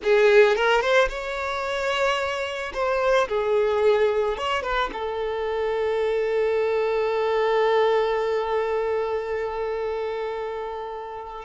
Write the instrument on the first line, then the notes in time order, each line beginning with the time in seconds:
violin
0.03 G#4
0.56 A#4
0.81 C5
1.08 C#5
2.73 C5
3.28 G#4
4.37 C#5
4.62 B4
4.92 A4